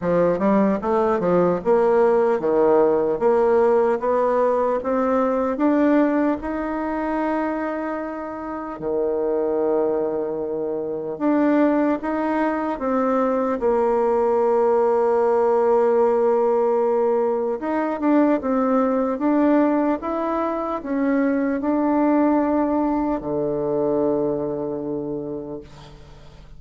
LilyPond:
\new Staff \with { instrumentName = "bassoon" } { \time 4/4 \tempo 4 = 75 f8 g8 a8 f8 ais4 dis4 | ais4 b4 c'4 d'4 | dis'2. dis4~ | dis2 d'4 dis'4 |
c'4 ais2.~ | ais2 dis'8 d'8 c'4 | d'4 e'4 cis'4 d'4~ | d'4 d2. | }